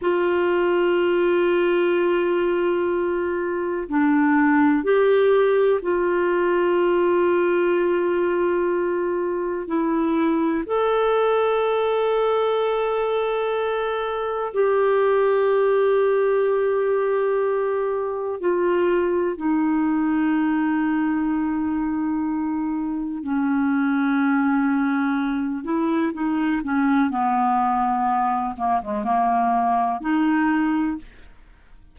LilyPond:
\new Staff \with { instrumentName = "clarinet" } { \time 4/4 \tempo 4 = 62 f'1 | d'4 g'4 f'2~ | f'2 e'4 a'4~ | a'2. g'4~ |
g'2. f'4 | dis'1 | cis'2~ cis'8 e'8 dis'8 cis'8 | b4. ais16 gis16 ais4 dis'4 | }